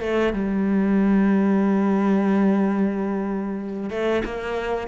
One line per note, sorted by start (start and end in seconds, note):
0.00 0.33 A3
0.33 3.90 G3
3.90 4.22 A3
4.25 4.87 A#3